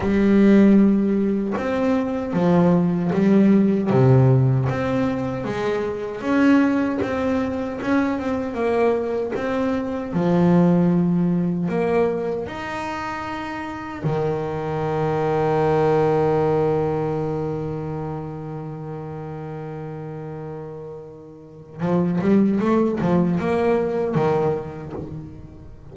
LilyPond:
\new Staff \with { instrumentName = "double bass" } { \time 4/4 \tempo 4 = 77 g2 c'4 f4 | g4 c4 c'4 gis4 | cis'4 c'4 cis'8 c'8 ais4 | c'4 f2 ais4 |
dis'2 dis2~ | dis1~ | dis1 | f8 g8 a8 f8 ais4 dis4 | }